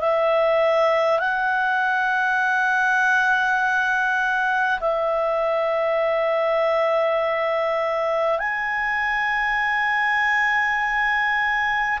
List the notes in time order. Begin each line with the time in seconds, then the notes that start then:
0.00 E5
1.19 F#5
4.79 E5
8.38 G#5